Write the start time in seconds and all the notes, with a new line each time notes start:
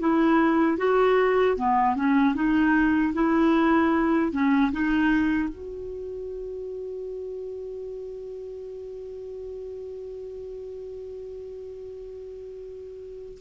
0.00 E4
0.78 F#4
1.57 B3
1.96 C#4
2.35 D#4
3.14 E4
4.32 C#4
4.73 D#4
5.49 F#4